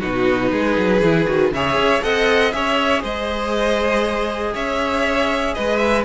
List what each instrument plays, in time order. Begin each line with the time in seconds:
0.00 cello B2, viola D#4, violin F#4 B4
0.51 cello G#3, violin G#4
0.78 cello F#3
1.01 cello E3, viola E4
1.26 cello D#3, viola F#4
1.52 cello C#3, viola G#4, violin C#5 E5
1.76 cello C#4
2.02 cello C4, viola A4, violin D#5 F#5
2.52 cello C#4, viola G#4, violin C#5 E5
3.02 cello G#3, violin C5 D#5
4.54 cello C#4, violin C#5 E5
5.54 cello G#3, violin B4 D#5
5.77 violin E5